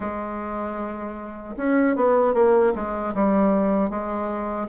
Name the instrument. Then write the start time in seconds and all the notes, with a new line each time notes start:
bassoon
0.00 G#3
1.57 C#4
1.96 B3
2.34 A#3
2.75 G#3
3.14 G3
3.90 G#3